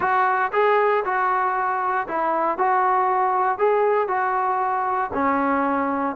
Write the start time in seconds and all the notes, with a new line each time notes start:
0.00 F#4
0.52 G#4
1.04 F#4
2.07 E4
2.58 F#4
3.58 G#4
4.08 F#4
5.13 C#4